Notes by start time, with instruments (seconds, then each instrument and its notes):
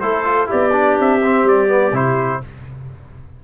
0.00 tuba A3, trombone E4, clarinet A4, trumpet C5
0.25 trombone F4
0.47 tuba B3, trombone E4, clarinet G4, trumpet D5
0.72 trombone D4
1.00 tuba C4, trumpet E5
1.23 trombone C4
1.44 tuba G3, trumpet D5
1.68 trombone B3
1.92 tuba C3, trombone E4, trumpet C5